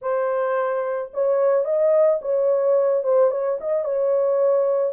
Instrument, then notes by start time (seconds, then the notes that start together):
horn
0.01 C5
1.13 C#5
1.64 D#5
2.21 C#5
3.03 C5
3.30 C#5
3.60 D#5
3.84 C#5